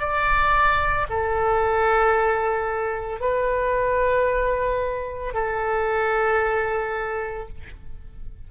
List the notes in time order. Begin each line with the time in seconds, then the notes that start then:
0.00 D5
1.10 A4
3.21 B4
5.34 A4